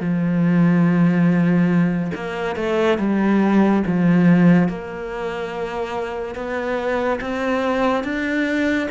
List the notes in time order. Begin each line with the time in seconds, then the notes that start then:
0.00 F3
2.14 A#3
2.56 A3
2.98 G3
3.86 F3
4.69 A#3
6.35 B3
7.21 C4
8.04 D4